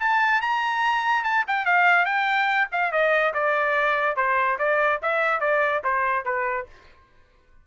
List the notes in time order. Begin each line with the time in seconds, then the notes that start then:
0.00 A5
0.41 A#5
1.24 A5
1.48 G5
1.65 F5
2.05 G5
2.72 F5
2.92 D#5
3.34 D5
4.16 C5
4.59 D5
5.02 E5
5.41 D5
5.84 C5
6.25 B4